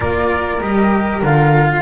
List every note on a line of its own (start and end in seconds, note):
0.00 0.60 A#3
0.00 0.59 F4
0.00 1.68 A#4
0.00 0.60 D5
0.60 1.21 G3
0.60 1.22 G4
0.60 1.21 D#5
1.21 1.81 D3
1.21 1.81 F4
1.21 1.81 F5
1.71 1.81 F5